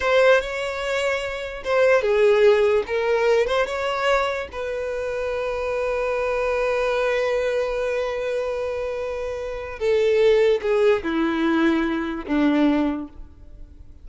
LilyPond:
\new Staff \with { instrumentName = "violin" } { \time 4/4 \tempo 4 = 147 c''4 cis''2. | c''4 gis'2 ais'4~ | ais'8 c''8 cis''2 b'4~ | b'1~ |
b'1~ | b'1 | a'2 gis'4 e'4~ | e'2 d'2 | }